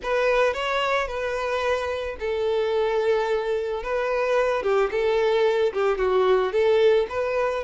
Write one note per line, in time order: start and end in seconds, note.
0.02 0.53 B4
0.53 1.07 C#5
1.07 2.16 B4
2.19 3.83 A4
3.83 4.62 B4
4.62 4.90 G4
4.91 5.72 A4
5.73 5.98 G4
5.98 6.52 F#4
6.52 7.06 A4
7.09 7.63 B4